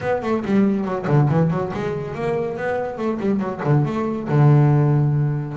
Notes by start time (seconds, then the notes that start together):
0.01 B3
0.22 A3
0.45 G3
0.84 F#3
1.07 D3
1.29 E3
1.50 F#3
1.73 G#3
2.14 A#3
2.57 B3
2.97 A3
3.20 G3
3.39 F#3
3.64 D3
3.85 A3
4.28 D3